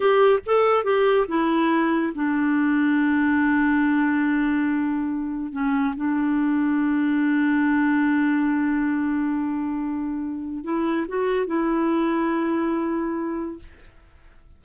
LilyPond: \new Staff \with { instrumentName = "clarinet" } { \time 4/4 \tempo 4 = 141 g'4 a'4 g'4 e'4~ | e'4 d'2.~ | d'1~ | d'4 cis'4 d'2~ |
d'1~ | d'1~ | d'4 e'4 fis'4 e'4~ | e'1 | }